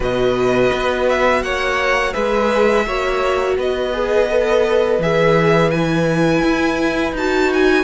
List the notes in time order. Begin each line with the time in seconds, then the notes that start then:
0.00 B2 F#4 B4 D#5
0.72 B3
1.09 E5
1.42 A#3 C#5 F#5
2.13 G#3 G#4 B4 E5
2.86 A#3 F#4 C#5
3.57 B3 B4 D#5
3.93 G#4
4.29 A4
4.98 E3 G#4 E5
5.70 E4 G#5
6.42 E4
7.12 D#4 F#4 A5
7.53 G#5